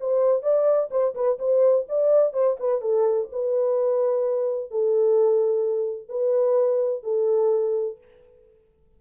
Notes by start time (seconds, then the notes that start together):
0.00 C5
0.43 D5
0.91 C5
1.15 B4
1.39 C5
1.89 D5
2.33 C5
2.59 B4
2.81 A4
3.32 B4
4.71 A4
6.09 B4
7.03 A4